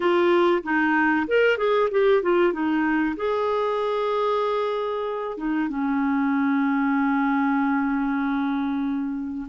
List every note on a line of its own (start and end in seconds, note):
0.00 0.63 F4
0.63 1.26 D#4
1.27 1.57 A#4
1.57 1.89 G#4
1.91 2.22 G4
2.22 2.52 F4
2.52 3.16 D#4
3.16 5.37 G#4
5.37 5.68 D#4
5.68 9.47 C#4